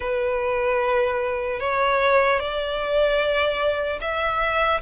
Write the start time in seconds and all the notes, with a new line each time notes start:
0.00 B4
1.60 C#5
2.39 D5
4.00 E5